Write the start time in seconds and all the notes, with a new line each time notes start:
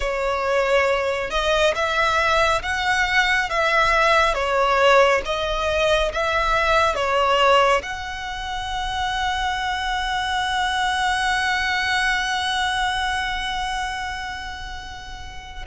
0.00 C#5
1.30 D#5
1.75 E5
2.62 F#5
3.49 E5
4.34 C#5
5.25 D#5
6.12 E5
6.95 C#5
7.83 F#5